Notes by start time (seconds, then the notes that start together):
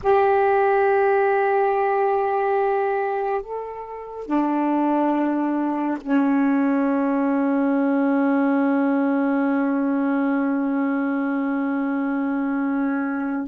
0.02 G4
3.42 A4
4.26 D4
6.00 C#4